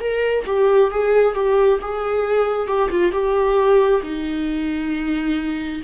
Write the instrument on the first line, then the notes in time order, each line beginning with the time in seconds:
viola
0.00 A#4
0.46 G4
0.91 G#4
1.34 G4
1.81 G#4
2.67 G4
2.90 F4
3.12 G4
4.03 D#4